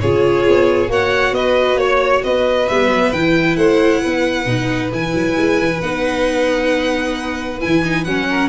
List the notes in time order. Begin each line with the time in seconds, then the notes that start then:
0.00 C#3 F4 G#4 C#5
0.48 B3
0.88 A#3 F#4 C#5 F#5
1.31 B3 B4 D#5
1.76 A#3 C#5
2.24 B3 B4 D#5
2.68 G3 B3 E5
2.88 F#3
3.12 E3 E4 G5
3.56 A3 C5 F#5
4.01 B3 B4
4.45 B2 D#4
4.92 E3 E4 G#5
5.14 F#3
5.37 G#3
5.59 E3
5.81 B3 D#4 F#5
7.60 E3 E4 G#5
7.84 D#4
8.04 F#3 C#4 F#5
8.29 A#4